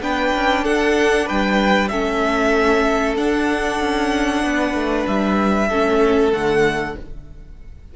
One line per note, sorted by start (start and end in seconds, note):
0.00 0.32 B3
0.00 1.91 D4
0.00 0.64 B4
0.00 0.64 G5
0.35 0.67 C#4
0.64 1.30 D4
0.64 1.26 A4
0.64 1.28 F#5
1.26 1.92 G3
1.26 1.89 B4
1.26 1.88 G5
1.88 3.17 A3
1.88 3.17 C#4
1.88 4.44 A4
1.88 3.14 E5
3.17 5.69 D4
3.17 3.80 D4
3.17 5.06 F#5
3.80 4.43 C#4
4.43 4.74 B3
4.43 5.68 B4
4.74 5.05 A3
5.07 5.70 G3
5.07 6.33 E5
5.68 6.33 A3
5.68 6.32 C#4
5.68 6.94 A4
6.32 6.96 D3
6.32 6.95 A3
6.32 6.96 F#5